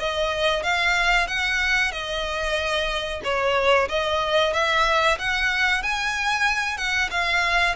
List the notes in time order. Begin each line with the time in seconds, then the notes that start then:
0.00 D#5
0.63 F5
1.28 F#5
1.92 D#5
3.24 C#5
3.89 D#5
4.54 E5
5.19 F#5
5.83 G#5
6.78 F#5
7.11 F5